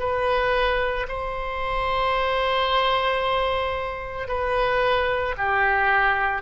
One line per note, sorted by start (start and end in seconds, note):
0.00 1.07 B4
1.08 4.28 C5
4.28 5.35 B4
5.38 6.42 G4